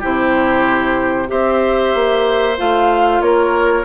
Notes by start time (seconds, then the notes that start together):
0.00 C3 E4 G4 C5
1.27 C4 G4 C5 E5
1.94 A#3
2.58 A3 F4 F5
3.21 A#3 A#4 C#5